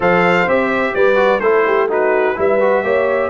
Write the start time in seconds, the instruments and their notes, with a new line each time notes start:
0.00 tuba F3, trombone A4, horn C5, trumpet F5
0.46 tuba C4, trombone G4, trumpet E5
0.94 tuba G3, horn B4, trumpet D5
1.15 trombone F#4
1.39 tuba A3, trombone E4, horn A4, trumpet C5
1.66 horn G4
1.89 trombone D#4, horn F#4, trumpet B4
2.35 tuba G3, trombone E4, horn B4, trumpet E5
2.60 trombone F#4
2.83 tuba A#3, trombone G4, horn C#5